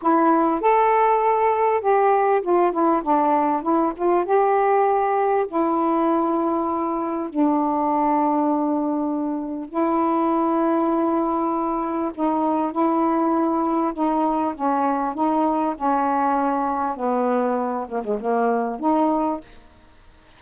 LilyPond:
\new Staff \with { instrumentName = "saxophone" } { \time 4/4 \tempo 4 = 99 e'4 a'2 g'4 | f'8 e'8 d'4 e'8 f'8 g'4~ | g'4 e'2. | d'1 |
e'1 | dis'4 e'2 dis'4 | cis'4 dis'4 cis'2 | b4. ais16 gis16 ais4 dis'4 | }